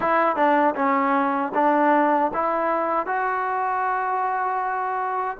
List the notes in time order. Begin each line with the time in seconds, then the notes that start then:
0.00 E4
0.36 D4
0.75 C#4
1.54 D4
2.33 E4
3.06 F#4